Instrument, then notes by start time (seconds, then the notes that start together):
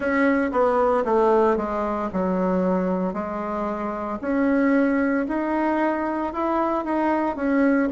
bassoon
0.00 C#4
0.51 B3
1.04 A3
1.56 G#3
2.12 F#3
3.13 G#3
4.21 C#4
5.28 D#4
6.33 E4
6.84 D#4
7.36 C#4